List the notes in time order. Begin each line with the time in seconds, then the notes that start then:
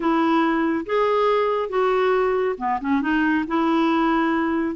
0.00 E4
0.86 G#4
1.69 F#4
2.58 B3
2.80 C#4
3.01 D#4
3.47 E4